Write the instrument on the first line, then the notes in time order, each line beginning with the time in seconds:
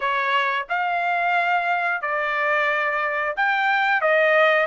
trumpet
0.00 C#5
0.69 F5
2.02 D5
3.36 G5
4.01 D#5